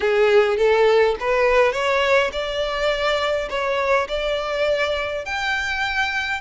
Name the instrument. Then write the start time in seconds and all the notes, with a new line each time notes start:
violin
0.00 G#4
0.57 A4
1.19 B4
1.72 C#5
2.32 D5
3.49 C#5
4.08 D5
5.25 G5